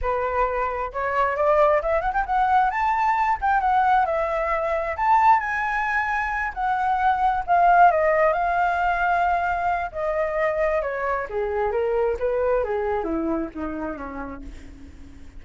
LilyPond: \new Staff \with { instrumentName = "flute" } { \time 4/4 \tempo 4 = 133 b'2 cis''4 d''4 | e''8 fis''16 g''16 fis''4 a''4. g''8 | fis''4 e''2 a''4 | gis''2~ gis''8 fis''4.~ |
fis''8 f''4 dis''4 f''4.~ | f''2 dis''2 | cis''4 gis'4 ais'4 b'4 | gis'4 e'4 dis'4 cis'4 | }